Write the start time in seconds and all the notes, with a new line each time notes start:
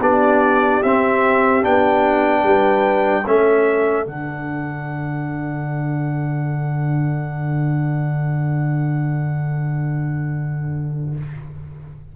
0.00 B3 D4 G4 D5
0.83 C4 E5
1.62 B3 D4 G5
2.43 G3 B4
3.23 A3 C#4 A4 E5
4.05 D3 D4 F#5